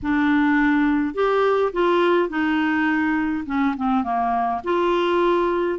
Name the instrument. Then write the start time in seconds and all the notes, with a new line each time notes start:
clarinet
0.02 D4
1.14 G4
1.73 F4
2.29 D#4
3.46 C#4
3.77 C4
4.03 A#3
4.64 F4